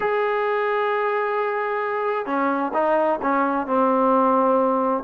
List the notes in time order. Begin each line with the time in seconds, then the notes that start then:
0.00 G#4
2.25 C#4
2.73 D#4
3.22 C#4
3.66 C4